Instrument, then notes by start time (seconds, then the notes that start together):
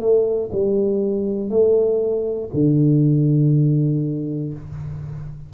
tuba
0.00 A3
0.52 G3
1.50 A3
2.53 D3